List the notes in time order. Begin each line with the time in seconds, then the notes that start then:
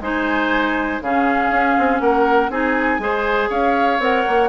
0.00 G#3 D#4 C5 G#5
1.01 C#3 C#4 G#4 F5
1.50 C#4
1.78 C4
1.99 A#3 A#4 F#5
2.49 C4 D#4 G#4 G#5
2.98 G#3 G#4 C5
3.49 C#4 C#5 F5
3.99 C4 A#4 F#5
4.27 A#3